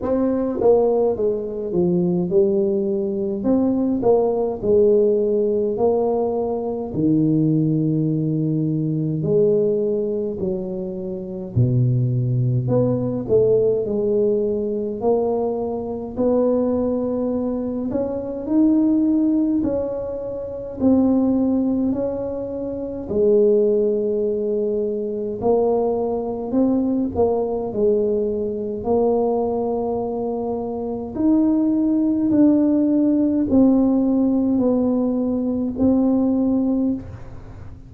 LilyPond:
\new Staff \with { instrumentName = "tuba" } { \time 4/4 \tempo 4 = 52 c'8 ais8 gis8 f8 g4 c'8 ais8 | gis4 ais4 dis2 | gis4 fis4 b,4 b8 a8 | gis4 ais4 b4. cis'8 |
dis'4 cis'4 c'4 cis'4 | gis2 ais4 c'8 ais8 | gis4 ais2 dis'4 | d'4 c'4 b4 c'4 | }